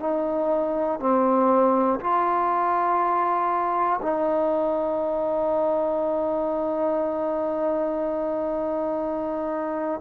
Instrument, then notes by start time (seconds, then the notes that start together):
trombone
0.00 D#4
1.00 C4
2.00 F4
4.02 D#4